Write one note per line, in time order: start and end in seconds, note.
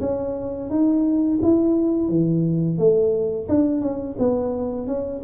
0.00 0.69 C#4
0.69 1.39 D#4
1.42 2.09 E4
2.09 2.78 E3
2.78 3.48 A3
3.49 3.81 D4
3.81 4.16 C#4
4.19 4.87 B3
4.87 5.22 C#4